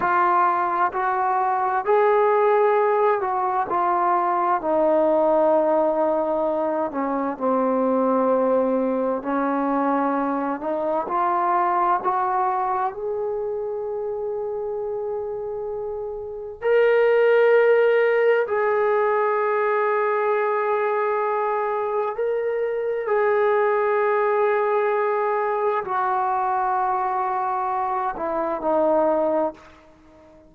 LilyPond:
\new Staff \with { instrumentName = "trombone" } { \time 4/4 \tempo 4 = 65 f'4 fis'4 gis'4. fis'8 | f'4 dis'2~ dis'8 cis'8 | c'2 cis'4. dis'8 | f'4 fis'4 gis'2~ |
gis'2 ais'2 | gis'1 | ais'4 gis'2. | fis'2~ fis'8 e'8 dis'4 | }